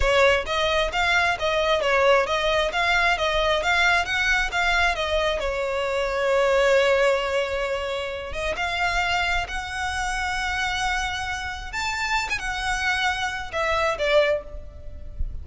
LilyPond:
\new Staff \with { instrumentName = "violin" } { \time 4/4 \tempo 4 = 133 cis''4 dis''4 f''4 dis''4 | cis''4 dis''4 f''4 dis''4 | f''4 fis''4 f''4 dis''4 | cis''1~ |
cis''2~ cis''8 dis''8 f''4~ | f''4 fis''2.~ | fis''2 a''4~ a''16 gis''16 fis''8~ | fis''2 e''4 d''4 | }